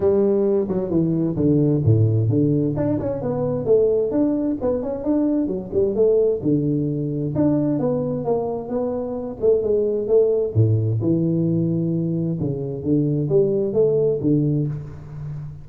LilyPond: \new Staff \with { instrumentName = "tuba" } { \time 4/4 \tempo 4 = 131 g4. fis8 e4 d4 | a,4 d4 d'8 cis'8 b4 | a4 d'4 b8 cis'8 d'4 | fis8 g8 a4 d2 |
d'4 b4 ais4 b4~ | b8 a8 gis4 a4 a,4 | e2. cis4 | d4 g4 a4 d4 | }